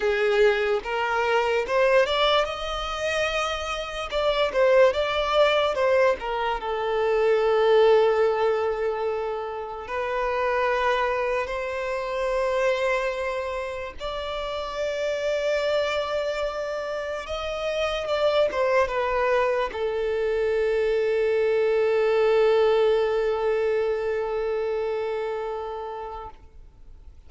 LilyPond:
\new Staff \with { instrumentName = "violin" } { \time 4/4 \tempo 4 = 73 gis'4 ais'4 c''8 d''8 dis''4~ | dis''4 d''8 c''8 d''4 c''8 ais'8 | a'1 | b'2 c''2~ |
c''4 d''2.~ | d''4 dis''4 d''8 c''8 b'4 | a'1~ | a'1 | }